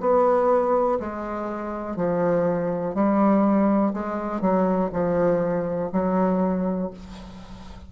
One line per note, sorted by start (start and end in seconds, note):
0.00 0.98 B3
0.99 1.96 G#3
1.96 2.94 F3
2.94 3.93 G3
3.93 4.41 G#3
4.41 4.90 F#3
4.92 5.91 F3
5.92 6.90 F#3